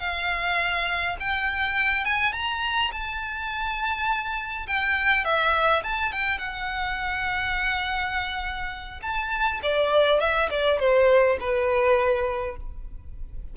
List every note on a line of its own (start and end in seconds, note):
0.00 1.17 F5
1.20 2.05 G5
2.05 2.33 G#5
2.33 2.91 A#5
2.92 4.67 A5
4.67 5.25 G5
5.25 5.83 E5
5.84 6.12 A5
6.12 6.38 G5
6.38 9.00 F#5
9.02 9.61 A5
9.62 10.20 D5
10.20 10.49 E5
10.50 10.79 D5
10.80 11.38 C5
11.40 12.56 B4